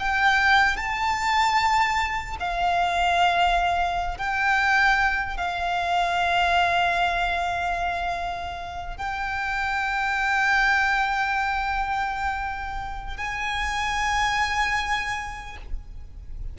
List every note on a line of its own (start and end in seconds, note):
0.00 0.77 G5
0.77 2.37 A5
2.40 4.18 F5
4.18 5.37 G5
5.37 8.97 F5
8.97 13.17 G5
13.17 15.57 G#5